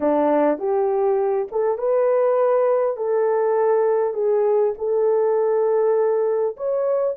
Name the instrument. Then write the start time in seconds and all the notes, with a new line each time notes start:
horn
0.00 D4
0.58 G4
1.51 A4
1.78 B4
2.96 A4
4.13 G#4
4.78 A4
6.56 C#5